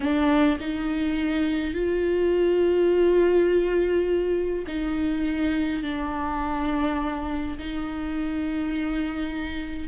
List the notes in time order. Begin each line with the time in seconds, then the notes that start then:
0.00 D4
0.60 D#4
1.73 F4
4.67 D#4
5.83 D4
7.58 D#4